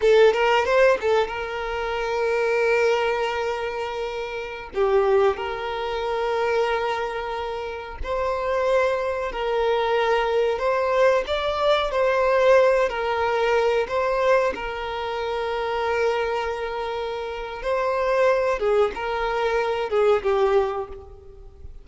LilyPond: \new Staff \with { instrumentName = "violin" } { \time 4/4 \tempo 4 = 92 a'8 ais'8 c''8 a'8 ais'2~ | ais'2.~ ais'16 g'8.~ | g'16 ais'2.~ ais'8.~ | ais'16 c''2 ais'4.~ ais'16~ |
ais'16 c''4 d''4 c''4. ais'16~ | ais'4~ ais'16 c''4 ais'4.~ ais'16~ | ais'2. c''4~ | c''8 gis'8 ais'4. gis'8 g'4 | }